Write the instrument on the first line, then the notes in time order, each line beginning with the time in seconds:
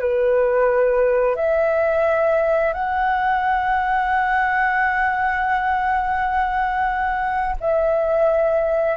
flute
0.00 B4
1.36 E5
2.73 F#5
7.61 E5